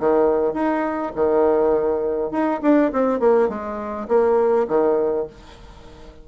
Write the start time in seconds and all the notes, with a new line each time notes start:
0.00 D#3
0.54 D#4
1.16 D#3
2.32 D#4
2.63 D4
2.93 C4
3.20 A#3
3.49 G#3
4.09 A#3
4.69 D#3